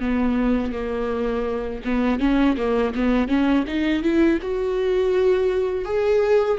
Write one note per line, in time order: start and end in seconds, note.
0.00 0.72 B3
0.72 1.82 A#3
1.85 2.20 B3
2.20 2.56 C#4
2.57 2.93 A#3
2.95 3.28 B3
3.28 3.64 C#4
3.67 4.02 D#4
4.02 4.39 E4
4.41 5.84 F#4
5.84 6.58 G#4